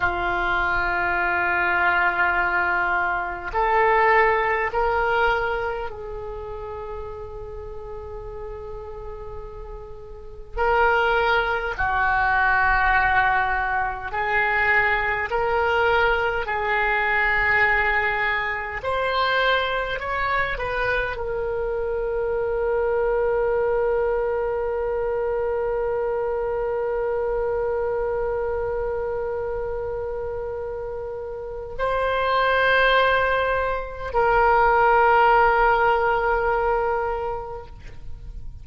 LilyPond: \new Staff \with { instrumentName = "oboe" } { \time 4/4 \tempo 4 = 51 f'2. a'4 | ais'4 gis'2.~ | gis'4 ais'4 fis'2 | gis'4 ais'4 gis'2 |
c''4 cis''8 b'8 ais'2~ | ais'1~ | ais'2. c''4~ | c''4 ais'2. | }